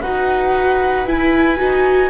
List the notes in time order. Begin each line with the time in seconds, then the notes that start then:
0.00 D#4 F#4 B4 F#5
1.06 E4 G#5
1.57 D#4 F#4